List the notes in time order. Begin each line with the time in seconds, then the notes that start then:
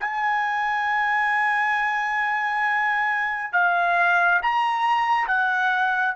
0.00 G#5
3.53 F5
4.42 A#5
5.27 F#5